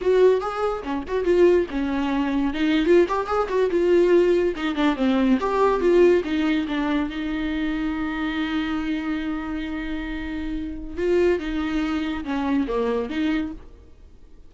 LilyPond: \new Staff \with { instrumentName = "viola" } { \time 4/4 \tempo 4 = 142 fis'4 gis'4 cis'8 fis'8 f'4 | cis'2 dis'8. f'8 g'8 gis'16~ | gis'16 fis'8 f'2 dis'8 d'8 c'16~ | c'8. g'4 f'4 dis'4 d'16~ |
d'8. dis'2.~ dis'16~ | dis'1~ | dis'2 f'4 dis'4~ | dis'4 cis'4 ais4 dis'4 | }